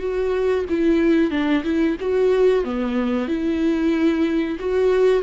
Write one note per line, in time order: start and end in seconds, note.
0.00 0.65 F#4
0.69 1.31 E4
1.31 1.63 D4
1.64 1.97 E4
2.00 2.64 F#4
2.64 3.28 B3
3.28 4.58 E4
4.59 5.23 F#4